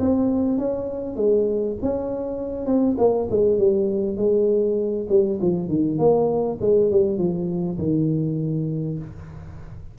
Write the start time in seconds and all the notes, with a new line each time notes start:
0.00 C4
0.58 C#4
1.16 G#3
1.82 C#4
2.66 C4
2.98 A#3
3.31 G#3
3.58 G3
4.17 G#3
5.09 G3
5.42 F3
5.69 D#3
5.99 A#3
6.61 G#3
6.91 G3
7.18 F3
7.79 D#3